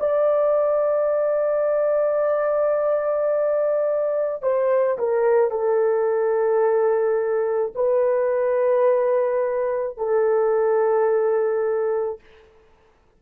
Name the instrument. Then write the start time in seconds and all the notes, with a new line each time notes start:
horn
0.00 D5
4.42 C5
4.98 A#4
5.51 A4
7.75 B4
9.98 A4